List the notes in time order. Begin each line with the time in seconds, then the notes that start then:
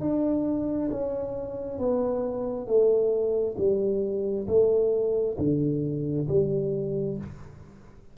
0.00 D4
0.91 C#4
1.79 B3
2.67 A3
3.58 G3
4.48 A3
5.38 D3
6.28 G3